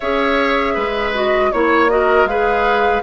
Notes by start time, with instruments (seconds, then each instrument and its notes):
0.00 bassoon C#4, clarinet G#4, oboe C#5, flute E5
0.74 bassoon G#3, oboe B4
1.14 clarinet F#4, flute D#5
1.51 bassoon A#3, clarinet E4, flute C#5, oboe C#5
1.89 clarinet F#4, oboe A#4, flute D#5
2.24 bassoon G#3, clarinet G#4, oboe B4, flute F5